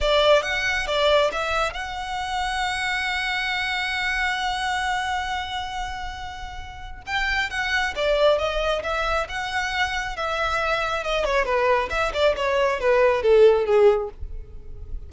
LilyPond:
\new Staff \with { instrumentName = "violin" } { \time 4/4 \tempo 4 = 136 d''4 fis''4 d''4 e''4 | fis''1~ | fis''1~ | fis''1 |
g''4 fis''4 d''4 dis''4 | e''4 fis''2 e''4~ | e''4 dis''8 cis''8 b'4 e''8 d''8 | cis''4 b'4 a'4 gis'4 | }